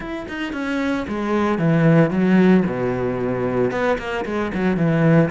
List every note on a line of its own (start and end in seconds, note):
0.00 0.26 E4
0.28 0.52 D#4
0.52 1.05 C#4
1.07 1.58 G#3
1.58 2.10 E3
2.10 2.63 F#3
2.66 3.71 B2
3.71 3.97 B3
3.98 4.25 A#3
4.25 4.51 G#3
4.54 4.76 F#3
4.76 5.30 E3